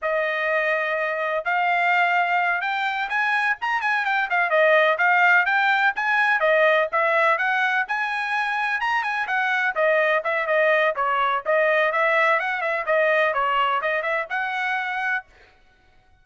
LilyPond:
\new Staff \with { instrumentName = "trumpet" } { \time 4/4 \tempo 4 = 126 dis''2. f''4~ | f''4. g''4 gis''4 ais''8 | gis''8 g''8 f''8 dis''4 f''4 g''8~ | g''8 gis''4 dis''4 e''4 fis''8~ |
fis''8 gis''2 ais''8 gis''8 fis''8~ | fis''8 dis''4 e''8 dis''4 cis''4 | dis''4 e''4 fis''8 e''8 dis''4 | cis''4 dis''8 e''8 fis''2 | }